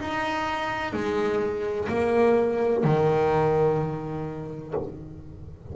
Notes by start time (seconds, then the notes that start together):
0.00 D#4
0.93 G#3
1.88 A#3
2.84 D#3